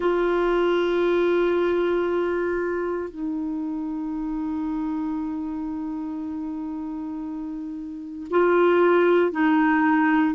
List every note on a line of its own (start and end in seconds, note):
0.00 3.09 F4
3.10 8.27 D#4
8.30 9.31 F4
9.31 10.34 D#4